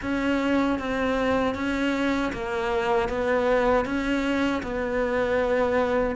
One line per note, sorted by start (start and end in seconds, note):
0.02 0.78 C#4
0.78 1.55 C4
1.55 2.31 C#4
2.33 3.08 A#3
3.08 3.85 B3
3.85 4.62 C#4
4.62 6.15 B3